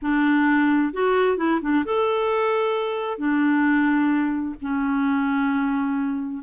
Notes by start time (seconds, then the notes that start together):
0.01 D4
0.93 F#4
1.37 E4
1.61 D4
1.85 A4
3.17 D4
4.61 C#4